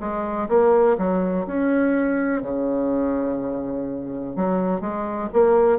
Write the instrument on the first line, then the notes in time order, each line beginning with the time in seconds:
bassoon
0.00 G#3
0.49 A#3
0.98 F#3
1.47 C#4
2.42 C#3
4.36 F#3
4.81 G#3
5.33 A#3